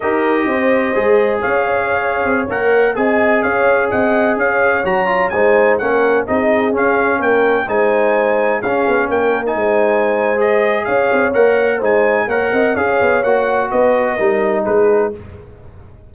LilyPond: <<
  \new Staff \with { instrumentName = "trumpet" } { \time 4/4 \tempo 4 = 127 dis''2. f''4~ | f''4~ f''16 fis''4 gis''4 f''8.~ | f''16 fis''4 f''4 ais''4 gis''8.~ | gis''16 fis''4 dis''4 f''4 g''8.~ |
g''16 gis''2 f''4 g''8. | gis''2 dis''4 f''4 | fis''4 gis''4 fis''4 f''4 | fis''4 dis''2 b'4 | }
  \new Staff \with { instrumentName = "horn" } { \time 4/4 ais'4 c''2 cis''4~ | cis''2~ cis''16 dis''4 cis''8.~ | cis''16 dis''4 cis''2 c''8.~ | c''16 ais'4 gis'2 ais'8.~ |
ais'16 c''2 gis'4 ais'8.~ | ais'16 c''2~ c''8. cis''4~ | cis''4 c''4 cis''8 dis''8 cis''4~ | cis''4 b'4 ais'4 gis'4 | }
  \new Staff \with { instrumentName = "trombone" } { \time 4/4 g'2 gis'2~ | gis'4~ gis'16 ais'4 gis'4.~ gis'16~ | gis'2~ gis'16 fis'8 f'8 dis'8.~ | dis'16 cis'4 dis'4 cis'4.~ cis'16~ |
cis'16 dis'2 cis'4.~ cis'16 | dis'2 gis'2 | ais'4 dis'4 ais'4 gis'4 | fis'2 dis'2 | }
  \new Staff \with { instrumentName = "tuba" } { \time 4/4 dis'4 c'4 gis4 cis'4~ | cis'8. c'8 ais4 c'4 cis'8.~ | cis'16 c'4 cis'4 fis4 gis8.~ | gis16 ais4 c'4 cis'4 ais8.~ |
ais16 gis2 cis'8 b8 ais8.~ | ais16 gis2~ gis8. cis'8 c'8 | ais4 gis4 ais8 c'8 cis'8 b8 | ais4 b4 g4 gis4 | }
>>